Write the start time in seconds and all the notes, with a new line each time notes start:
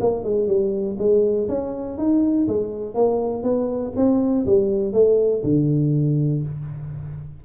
0.00 A#3
0.24 G#3
0.47 G3
0.98 G#3
1.49 C#4
1.98 D#4
2.48 G#3
2.95 A#3
3.43 B3
3.96 C4
4.46 G3
4.93 A3
5.44 D3